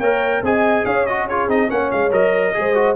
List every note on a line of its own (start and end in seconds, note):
0.00 0.42 A#3
0.00 0.45 A#4
0.00 0.42 C#5
0.00 0.43 G5
0.42 0.84 C4
0.42 1.08 G#4
0.42 0.86 D#5
0.42 0.85 G#5
0.85 1.48 C#4
0.85 1.28 C#5
0.85 1.06 F5
1.06 1.30 F#4
1.06 1.27 D#5
1.28 1.49 F4
1.28 1.70 G#4
1.28 1.50 C#5
1.48 1.69 C4
1.48 1.68 D#4
1.48 1.70 D#5
1.68 1.92 A#3
1.68 2.10 C#4
1.68 2.53 C#5
1.68 1.91 F#5
1.92 2.11 G#3
1.92 2.13 F5
2.11 2.53 F#3
2.11 2.54 A#4
2.11 2.96 D#5
2.54 2.96 G#3
2.54 2.75 G#4
2.54 2.96 C5
2.75 2.96 F#4